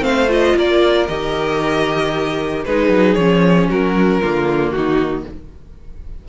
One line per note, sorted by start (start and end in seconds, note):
0.00 0.54 A3
0.00 0.26 C4
0.00 0.57 C5
0.00 0.30 F5
0.29 1.07 F4
0.29 0.59 D#5
0.56 1.09 A#3
0.56 2.66 A#4
0.56 1.08 D5
1.08 2.66 D#3
1.08 2.66 G4
1.08 2.64 D#5
2.65 2.89 G#3
2.65 3.19 D#4
2.65 3.70 G#4
2.65 3.15 B4
2.89 3.16 F#3
3.15 3.70 F3
3.15 4.23 C#4
3.15 3.67 C#5
3.70 4.23 F#3
3.70 4.22 F#4
3.70 4.71 A#4
4.22 4.73 D3
4.22 5.27 A#3
4.22 4.74 F4
4.71 5.25 D#3
4.71 5.29 D#4
4.71 5.23 F#4